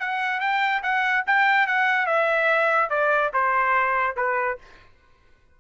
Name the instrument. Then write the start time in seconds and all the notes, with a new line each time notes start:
trumpet
0.00 F#5
0.41 G5
0.83 F#5
1.27 G5
1.67 F#5
2.07 E5
2.90 D5
3.34 C5
4.17 B4